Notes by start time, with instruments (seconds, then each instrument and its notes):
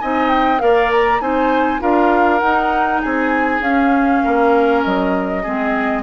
0.00 bassoon C4, clarinet D#4, oboe D#5, flute G#5
0.30 flute G5
0.59 bassoon A#3, clarinet A#4, oboe D5, flute F5
0.92 flute A#5
1.21 bassoon C4, clarinet D#4, oboe C5, flute G#5
1.80 bassoon D4, clarinet F4, oboe A#4, flute F5
2.40 clarinet D#4, bassoon D#4, flute F#5
3.02 bassoon C4, oboe G#4, flute G#5
3.61 bassoon C#4, clarinet C#4, flute F5
4.24 bassoon A#3, oboe A#4
4.84 bassoon F#3, flute D#5
5.43 bassoon G#3, clarinet C4, oboe G#4